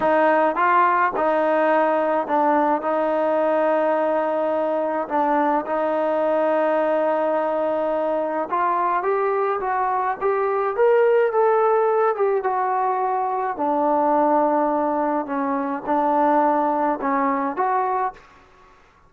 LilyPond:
\new Staff \with { instrumentName = "trombone" } { \time 4/4 \tempo 4 = 106 dis'4 f'4 dis'2 | d'4 dis'2.~ | dis'4 d'4 dis'2~ | dis'2. f'4 |
g'4 fis'4 g'4 ais'4 | a'4. g'8 fis'2 | d'2. cis'4 | d'2 cis'4 fis'4 | }